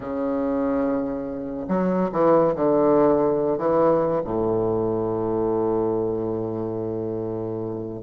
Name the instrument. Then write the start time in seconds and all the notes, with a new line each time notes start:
bassoon
0.00 C#3
1.67 F#3
2.11 E3
2.55 D3
3.58 E3
4.24 A2